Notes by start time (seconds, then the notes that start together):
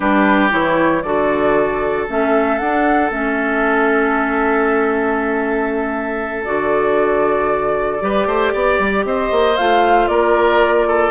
0.00 G3 D4 G4 B4
0.49 E3 E4 C#5
1.02 D3 F#4 A4 D5
2.08 A3 C#4 E5
2.58 D4 F#5
3.10 A3 C#4 E5
6.44 D3 F#4 D5
7.99 G3 G4 B4
8.26 A3 C5
8.52 B3 D5
8.78 G3
9.04 C4 C5 D#5
9.31 A#3
9.56 A3 F4 F5
10.07 A#3 A#4 D5
10.87 A4